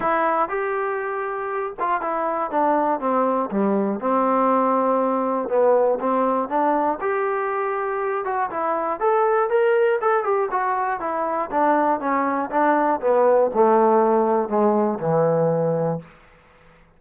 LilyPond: \new Staff \with { instrumentName = "trombone" } { \time 4/4 \tempo 4 = 120 e'4 g'2~ g'8 f'8 | e'4 d'4 c'4 g4 | c'2. b4 | c'4 d'4 g'2~ |
g'8 fis'8 e'4 a'4 ais'4 | a'8 g'8 fis'4 e'4 d'4 | cis'4 d'4 b4 a4~ | a4 gis4 e2 | }